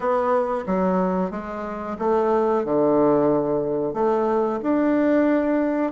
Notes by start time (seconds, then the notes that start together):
0.00 B3
0.66 F#3
1.30 G#3
1.98 A3
2.64 D3
3.93 A3
4.62 D4